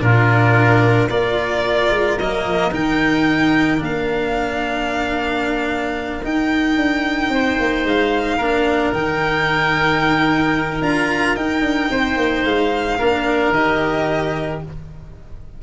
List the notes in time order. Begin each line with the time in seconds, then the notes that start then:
0.00 A#2 D4 F4 A#4
1.09 A#3 F4 A#4 D5
1.90 G#3
2.19 F#3 A#3 D#5
2.46 F3
2.71 D#3 D#4 G5
3.78 A#3 D4
3.85 F5
6.24 D#4 G5
6.77 D4
7.29 C4 C5
7.60 A#3
7.85 G#3 F5
8.38 A#3 D4 A#4
8.93 D#3 D#4 G5
10.81 D4 F4 A#5
11.36 D#4 G5
11.62 D4
11.91 C4 C5
12.17 A#3
12.45 G#3 F5
12.99 A#3 D4 A#4
13.50 D#3 G4 D#5